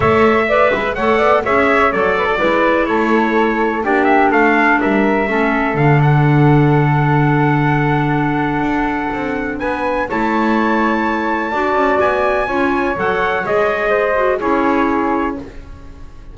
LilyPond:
<<
  \new Staff \with { instrumentName = "trumpet" } { \time 4/4 \tempo 4 = 125 e''2 fis''4 e''4 | d''2 cis''2 | d''8 e''8 f''4 e''2 | f''8 fis''2.~ fis''8~ |
fis''1 | gis''4 a''2.~ | a''4 gis''2 fis''4 | dis''2 cis''2 | }
  \new Staff \with { instrumentName = "flute" } { \time 4/4 cis''4 d''8 b'8 cis''8 d''8 cis''4~ | cis''8 b'16 a'16 b'4 a'2 | g'4 a'4 ais'4 a'4~ | a'1~ |
a'1 | b'4 cis''2. | d''2 cis''2~ | cis''4 c''4 gis'2 | }
  \new Staff \with { instrumentName = "clarinet" } { \time 4/4 a'4 b'4 a'4 gis'4 | a'4 e'2. | d'2. cis'4 | d'1~ |
d'1~ | d'4 e'2. | fis'2 f'4 a'4 | gis'4. fis'8 e'2 | }
  \new Staff \with { instrumentName = "double bass" } { \time 4/4 a4. gis8 a8 b8 cis'4 | fis4 gis4 a2 | ais4 a4 g4 a4 | d1~ |
d2 d'4 c'4 | b4 a2. | d'8 cis'8 b4 cis'4 fis4 | gis2 cis'2 | }
>>